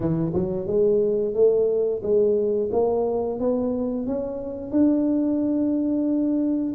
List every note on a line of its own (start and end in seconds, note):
0.00 0.32 E3
0.34 0.66 F#3
0.66 1.34 G#3
1.34 2.01 A3
2.02 2.70 G#3
2.72 3.39 A#3
3.39 4.06 B3
4.06 4.71 C#4
4.71 6.73 D4